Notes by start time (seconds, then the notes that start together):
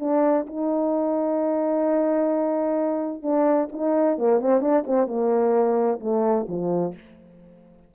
0.00 D4
0.47 D#4
3.23 D4
3.72 D#4
4.18 A#3
4.41 C4
4.61 D4
4.87 C4
5.07 A#3
6.00 A3
6.48 F3